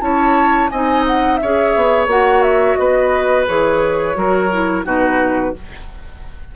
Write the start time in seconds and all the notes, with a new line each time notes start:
0.00 C#4 E4 C#5 A5
0.69 C4 D#4 D#5 G#5
1.06 F#5
1.36 C#5 E5
1.43 C#4 G#4
1.75 B3
2.06 A#3 F#4 F#5
2.42 E5
2.76 B3 B4 D#5
3.47 E3 G#4 C#5
4.14 F#3 F#4 A#4
4.52 E4
4.84 B2 D#4 F#4 B4